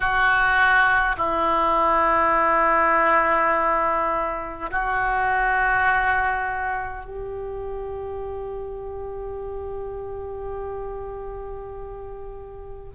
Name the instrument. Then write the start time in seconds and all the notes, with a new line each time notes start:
oboe
0.00 F#4
1.17 E4
4.71 F#4
7.05 G4